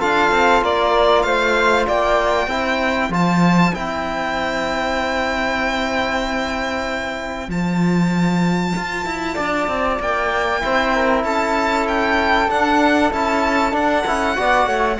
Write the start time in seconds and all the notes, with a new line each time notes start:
0.00 D4 F4 A4 F5
0.31 C4
0.62 A#3 A#4 D5
1.23 A3 C5 F5
1.87 A#3 D5 G5
2.47 C4 E4 C5
3.10 F3 F4 A5
3.75 C4 E4 G5
7.49 F3 F4 A5
8.76 F4
9.06 E4
9.35 D4 D5
9.68 C4
10.00 A#3 G5
10.61 C4 E4 C5
10.95 A#4
11.24 C#4 A4 A5
11.88 G5
12.49 D4 F#5
13.12 C#4 E4 A5
13.72 D4 F#5
14.07 C#4 E4
14.37 B3 F#4 D5
14.67 A3 C#5